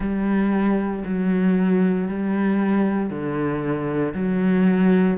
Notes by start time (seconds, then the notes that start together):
0.00 G3
1.04 F#3
2.07 G3
3.10 D3
4.14 F#3